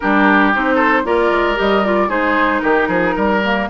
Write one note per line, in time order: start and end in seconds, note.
0.00 0.55 G3
0.00 0.53 D4
0.00 0.75 G4
0.00 0.52 A#4
0.53 1.04 C4
0.53 1.04 D#4
0.53 1.05 C5
0.75 1.01 A4
1.04 1.30 A#3
1.04 1.55 F4
1.04 2.08 A#4
1.04 1.58 D5
1.30 1.56 G#3
1.55 2.09 G3
1.55 1.81 G4
1.55 1.85 D#5
1.84 2.09 F4
1.84 2.09 D5
2.08 2.62 G#3
2.08 3.40 D#4
2.08 2.61 G#4
2.08 2.60 C5
2.60 2.88 D#3
2.60 2.88 G4
2.60 3.65 A#4
2.88 3.14 F3
2.88 3.14 G#4
3.16 3.69 G3
3.16 3.68 A#4
3.44 3.69 A#3